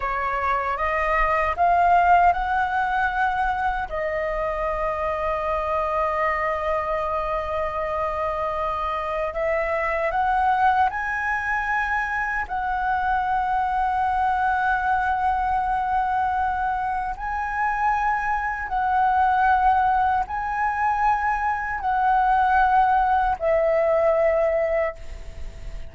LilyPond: \new Staff \with { instrumentName = "flute" } { \time 4/4 \tempo 4 = 77 cis''4 dis''4 f''4 fis''4~ | fis''4 dis''2.~ | dis''1 | e''4 fis''4 gis''2 |
fis''1~ | fis''2 gis''2 | fis''2 gis''2 | fis''2 e''2 | }